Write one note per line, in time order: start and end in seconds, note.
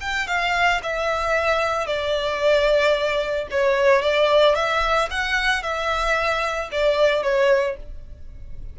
0.00 0.27 G5
0.27 0.80 F5
0.82 1.87 E5
1.87 3.47 D5
3.50 4.02 C#5
4.02 4.55 D5
4.55 5.08 E5
5.10 5.62 F#5
5.62 6.69 E5
6.71 7.22 D5
7.22 7.76 C#5